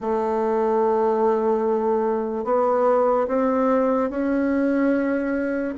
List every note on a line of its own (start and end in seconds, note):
0.00 2.44 A3
2.44 3.27 B3
3.27 4.09 C4
4.09 5.74 C#4